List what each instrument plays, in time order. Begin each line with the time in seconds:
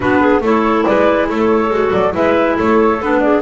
0.00 double bass B3, clarinet D4 F#4, flute B4
0.20 clarinet G#4
0.41 double bass A3, clarinet E4 A4, flute C#5
0.84 double bass G#3, clarinet B4, flute D5
1.29 double bass A3, clarinet A4, flute C#5
1.70 double bass G#3, clarinet F#4
1.92 double bass F#3, flute D5
2.12 double bass G#3, clarinet E4 B4, flute E5
2.56 double bass A3, clarinet A4, flute C#5
3.01 double bass B3, clarinet D4, flute B4
3.19 clarinet G#4, flute D5